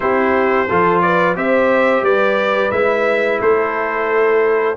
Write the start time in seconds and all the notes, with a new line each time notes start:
0.00 C4 E4 G4 C5
0.68 F3 F4 A4
1.01 B4 D5
1.35 C4 G4 C5 E5
2.01 G3 B4 D5
2.71 G#3 E4 E5
3.40 A3 A4 C5